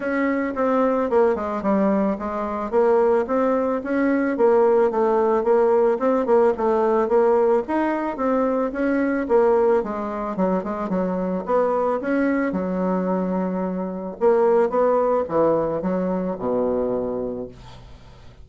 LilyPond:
\new Staff \with { instrumentName = "bassoon" } { \time 4/4 \tempo 4 = 110 cis'4 c'4 ais8 gis8 g4 | gis4 ais4 c'4 cis'4 | ais4 a4 ais4 c'8 ais8 | a4 ais4 dis'4 c'4 |
cis'4 ais4 gis4 fis8 gis8 | fis4 b4 cis'4 fis4~ | fis2 ais4 b4 | e4 fis4 b,2 | }